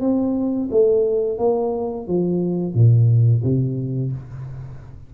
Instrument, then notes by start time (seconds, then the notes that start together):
tuba
0.00 C4
0.71 A3
1.38 A#3
2.07 F3
2.74 A#2
3.43 C3